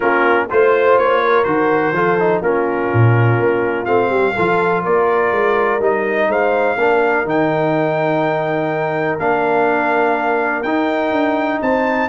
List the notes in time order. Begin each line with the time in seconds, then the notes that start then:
0.00 A#3 C#4 F4 A#4
0.49 A3 F4 C5
0.98 A#3 C#5
1.23 A#4
1.43 D#3 F#4 C5
1.92 F3 F4 A4
2.19 D#4
2.41 A#3 C#4 F4 A#4
2.93 A#2
3.39 A#3
3.85 A3 C4 F5
4.09 G3 G4
4.35 F3 F4 A4
4.83 A#3 A#4 D5
5.31 G#3
5.79 G3 D#4 D#5
6.28 G#3 C5 F5
6.77 A#3 D4 A#4
7.24 D#3 D#4 G5
9.19 A#3 D4 F5
10.62 D#4 G5
11.11 D4
11.61 C4 C5 A5